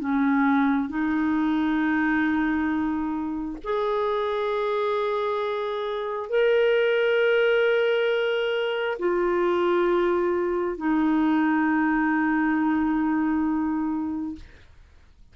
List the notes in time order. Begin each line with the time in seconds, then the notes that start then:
0.00 C#4
0.89 D#4
3.64 G#4
6.29 A#4
8.99 F4
10.77 D#4